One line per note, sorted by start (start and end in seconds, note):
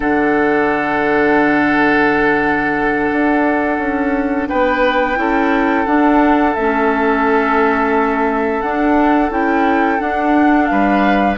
0.00 3.10 D3
0.00 5.16 D4
0.00 4.48 A4
0.00 4.47 F#5
3.11 3.78 D4
3.78 4.47 C#4
4.47 5.16 B3
4.47 5.18 B4
4.47 5.85 G5
5.16 5.85 C#4
5.16 5.85 E4
5.16 10.70 A4
5.85 6.54 D4
5.85 6.55 D4
5.85 6.54 F#5
6.54 8.62 A3
6.54 8.65 C#4
6.54 8.61 E5
8.61 9.29 D4
8.61 9.30 D4
8.61 9.30 F#5
9.29 9.98 C#4
9.29 9.98 E4
9.29 10.00 G5
9.98 11.36 D4
9.98 10.69 D4
9.98 10.66 F#5
10.66 11.37 G3
10.66 11.37 B4
10.66 11.35 F5